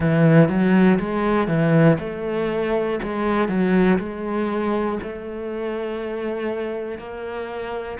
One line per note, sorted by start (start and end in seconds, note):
0.00 0.48 E3
0.48 0.98 F#3
0.99 1.47 G#3
1.47 1.97 E3
2.00 3.00 A3
3.02 3.48 G#3
3.48 3.98 F#3
3.99 4.99 G#3
5.02 6.98 A3
6.98 7.98 A#3